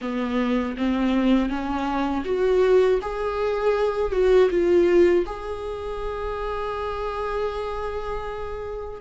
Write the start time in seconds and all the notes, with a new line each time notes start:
0.01 B3
0.77 C4
1.49 C#4
2.25 F#4
3.01 G#4
4.11 F#4
4.50 F4
5.26 G#4